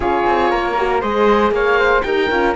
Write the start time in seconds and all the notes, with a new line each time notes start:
0.00 C#4 F4 G#4 C#5
0.26 C4
0.50 A#3 A#4
0.78 F#4
1.00 G#3 G#4 C5 D#5
1.51 A#3 C#5 F5
1.78 C5
2.02 D#4 G4 A#4 G5
2.30 C#4 F4